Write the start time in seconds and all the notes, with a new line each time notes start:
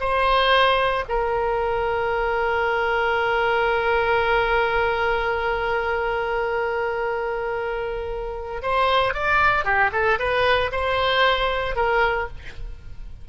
0.00 C5
1.09 A#4
8.62 C5
9.14 D5
9.65 G4
9.92 A4
10.19 B4
10.72 C5
11.76 A#4